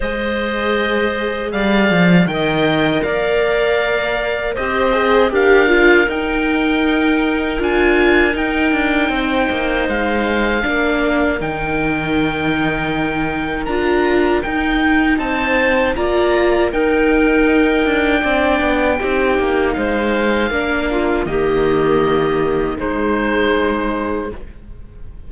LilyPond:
<<
  \new Staff \with { instrumentName = "oboe" } { \time 4/4 \tempo 4 = 79 dis''2 f''4 g''4 | f''2 dis''4 f''4 | g''2 gis''4 g''4~ | g''4 f''2 g''4~ |
g''2 ais''4 g''4 | a''4 ais''4 g''2~ | g''2 f''2 | dis''2 c''2 | }
  \new Staff \with { instrumentName = "clarinet" } { \time 4/4 c''2 d''4 dis''4 | d''2 c''4 ais'4~ | ais'1 | c''2 ais'2~ |
ais'1 | c''4 d''4 ais'2 | d''4 g'4 c''4 ais'8 f'8 | g'2 dis'2 | }
  \new Staff \with { instrumentName = "viola" } { \time 4/4 gis'2. ais'4~ | ais'2 g'8 gis'8 g'8 f'8 | dis'2 f'4 dis'4~ | dis'2 d'4 dis'4~ |
dis'2 f'4 dis'4~ | dis'4 f'4 dis'2 | d'4 dis'2 d'4 | ais2 gis2 | }
  \new Staff \with { instrumentName = "cello" } { \time 4/4 gis2 g8 f8 dis4 | ais2 c'4 d'4 | dis'2 d'4 dis'8 d'8 | c'8 ais8 gis4 ais4 dis4~ |
dis2 d'4 dis'4 | c'4 ais4 dis'4. d'8 | c'8 b8 c'8 ais8 gis4 ais4 | dis2 gis2 | }
>>